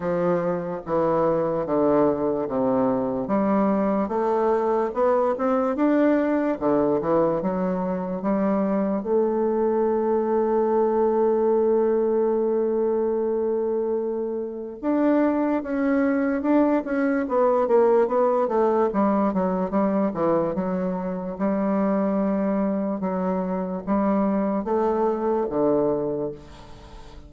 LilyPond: \new Staff \with { instrumentName = "bassoon" } { \time 4/4 \tempo 4 = 73 f4 e4 d4 c4 | g4 a4 b8 c'8 d'4 | d8 e8 fis4 g4 a4~ | a1~ |
a2 d'4 cis'4 | d'8 cis'8 b8 ais8 b8 a8 g8 fis8 | g8 e8 fis4 g2 | fis4 g4 a4 d4 | }